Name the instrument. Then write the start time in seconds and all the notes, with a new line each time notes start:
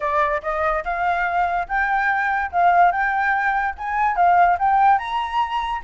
flute
0.00 D5
0.42 D#5
0.84 F5
1.67 G5
2.51 F5
2.91 G5
3.77 G#5
4.16 F5
4.59 G5
4.98 A#5